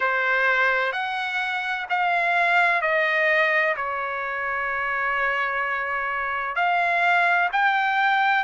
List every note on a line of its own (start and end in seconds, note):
0.00 0.92 C5
0.92 1.86 F#5
1.89 2.81 F5
2.81 3.75 D#5
3.76 6.55 C#5
6.55 7.49 F5
7.52 8.44 G5